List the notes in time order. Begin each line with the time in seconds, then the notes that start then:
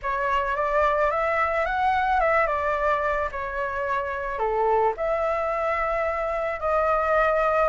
0.02 C#5
0.56 D5
1.11 E5
1.65 F#5
2.20 E5
2.46 D5
3.31 C#5
4.38 A4
4.96 E5
6.60 D#5